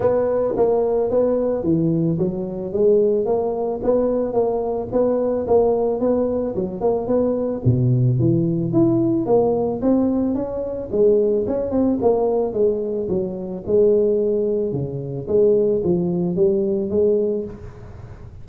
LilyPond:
\new Staff \with { instrumentName = "tuba" } { \time 4/4 \tempo 4 = 110 b4 ais4 b4 e4 | fis4 gis4 ais4 b4 | ais4 b4 ais4 b4 | fis8 ais8 b4 b,4 e4 |
e'4 ais4 c'4 cis'4 | gis4 cis'8 c'8 ais4 gis4 | fis4 gis2 cis4 | gis4 f4 g4 gis4 | }